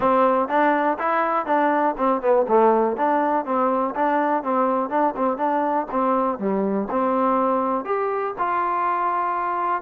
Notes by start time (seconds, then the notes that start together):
0.00 C4
0.48 D4
0.98 E4
1.46 D4
1.97 C4
2.21 B3
2.48 A3
2.96 D4
3.45 C4
3.95 D4
4.43 C4
4.89 D4
5.16 C4
5.37 D4
5.91 C4
6.38 G3
6.90 C4
7.84 G4
8.38 F4